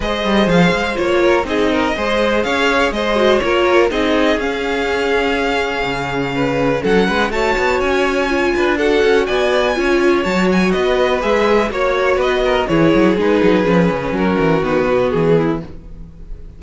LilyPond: <<
  \new Staff \with { instrumentName = "violin" } { \time 4/4 \tempo 4 = 123 dis''4 f''4 cis''4 dis''4~ | dis''4 f''4 dis''4 cis''4 | dis''4 f''2.~ | f''2 fis''4 a''4 |
gis''2 fis''4 gis''4~ | gis''4 a''8 gis''8 dis''4 e''4 | cis''4 dis''4 cis''4 b'4~ | b'4 ais'4 b'4 gis'4 | }
  \new Staff \with { instrumentName = "violin" } { \time 4/4 c''2~ c''8 ais'8 gis'8 ais'8 | c''4 cis''4 c''4 ais'4 | gis'1~ | gis'4 b'4 a'8 b'8 cis''4~ |
cis''4. b'8 a'4 d''4 | cis''2 b'2 | cis''4 b'8 ais'8 gis'2~ | gis'4 fis'2~ fis'8 e'8 | }
  \new Staff \with { instrumentName = "viola" } { \time 4/4 gis'2 f'4 dis'4 | gis'2~ gis'8 fis'8 f'4 | dis'4 cis'2.~ | cis'2. fis'4~ |
fis'4 f'4 fis'2 | f'4 fis'2 gis'4 | fis'2 e'4 dis'4 | cis'2 b2 | }
  \new Staff \with { instrumentName = "cello" } { \time 4/4 gis8 g8 f8 gis8 ais4 c'4 | gis4 cis'4 gis4 ais4 | c'4 cis'2. | cis2 fis8 gis8 a8 b8 |
cis'4. d'4 cis'8 b4 | cis'4 fis4 b4 gis4 | ais4 b4 e8 fis8 gis8 fis8 | f8 cis8 fis8 e8 dis8 b,8 e4 | }
>>